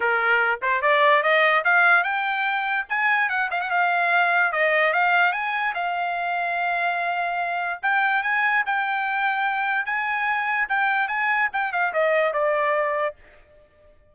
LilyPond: \new Staff \with { instrumentName = "trumpet" } { \time 4/4 \tempo 4 = 146 ais'4. c''8 d''4 dis''4 | f''4 g''2 gis''4 | fis''8 f''16 fis''16 f''2 dis''4 | f''4 gis''4 f''2~ |
f''2. g''4 | gis''4 g''2. | gis''2 g''4 gis''4 | g''8 f''8 dis''4 d''2 | }